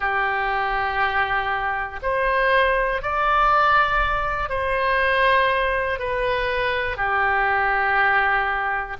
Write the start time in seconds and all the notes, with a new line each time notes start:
0.00 G4
2.02 C5
3.02 D5
4.49 C5
5.99 B4
6.96 G4